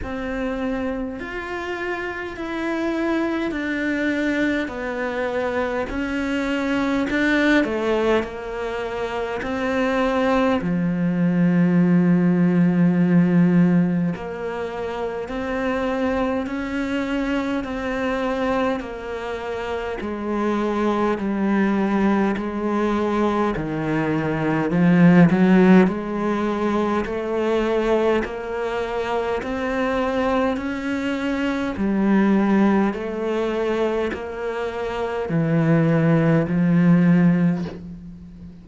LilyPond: \new Staff \with { instrumentName = "cello" } { \time 4/4 \tempo 4 = 51 c'4 f'4 e'4 d'4 | b4 cis'4 d'8 a8 ais4 | c'4 f2. | ais4 c'4 cis'4 c'4 |
ais4 gis4 g4 gis4 | dis4 f8 fis8 gis4 a4 | ais4 c'4 cis'4 g4 | a4 ais4 e4 f4 | }